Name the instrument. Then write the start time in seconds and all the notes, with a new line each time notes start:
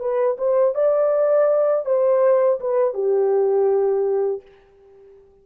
horn
0.00 B4
0.38 C5
0.75 D5
1.86 C5
2.61 B4
2.94 G4